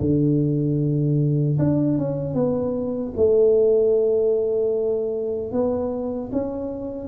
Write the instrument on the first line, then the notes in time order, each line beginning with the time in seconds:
tuba
0.00 D3
1.58 D4
1.98 C#4
2.34 B3
3.16 A3
5.52 B3
6.32 C#4